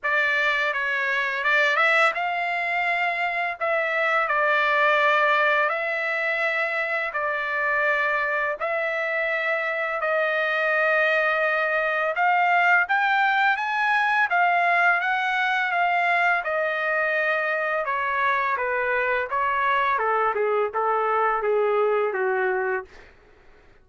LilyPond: \new Staff \with { instrumentName = "trumpet" } { \time 4/4 \tempo 4 = 84 d''4 cis''4 d''8 e''8 f''4~ | f''4 e''4 d''2 | e''2 d''2 | e''2 dis''2~ |
dis''4 f''4 g''4 gis''4 | f''4 fis''4 f''4 dis''4~ | dis''4 cis''4 b'4 cis''4 | a'8 gis'8 a'4 gis'4 fis'4 | }